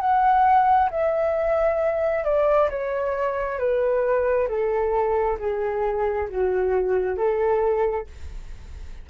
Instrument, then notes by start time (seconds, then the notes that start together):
flute
0.00 F#5
0.90 E5
2.24 D5
2.70 C#5
3.59 B4
4.48 A4
5.39 G#4
6.29 F#4
7.17 A4